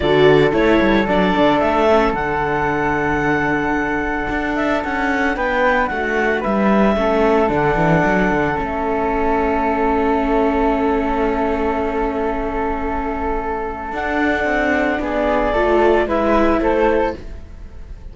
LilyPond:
<<
  \new Staff \with { instrumentName = "clarinet" } { \time 4/4 \tempo 4 = 112 d''4 cis''4 d''4 e''4 | fis''1~ | fis''8 e''8 fis''4 g''4 fis''4 | e''2 fis''2 |
e''1~ | e''1~ | e''2 fis''2 | d''2 e''4 c''4 | }
  \new Staff \with { instrumentName = "flute" } { \time 4/4 a'1~ | a'1~ | a'2 b'4 fis'4 | b'4 a'2.~ |
a'1~ | a'1~ | a'1 | gis'4 a'4 b'4 a'4 | }
  \new Staff \with { instrumentName = "viola" } { \time 4/4 fis'4 e'4 d'4. cis'8 | d'1~ | d'1~ | d'4 cis'4 d'2 |
cis'1~ | cis'1~ | cis'2 d'2~ | d'4 f'4 e'2 | }
  \new Staff \with { instrumentName = "cello" } { \time 4/4 d4 a8 g8 fis8 d8 a4 | d1 | d'4 cis'4 b4 a4 | g4 a4 d8 e8 fis8 d8 |
a1~ | a1~ | a2 d'4 c'4 | b4 a4 gis4 a4 | }
>>